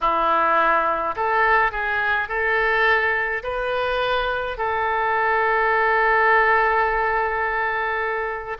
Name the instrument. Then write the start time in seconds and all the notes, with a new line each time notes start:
oboe
0.01 E4
1.16 A4
1.71 G#4
2.28 A4
3.43 B4
4.57 A4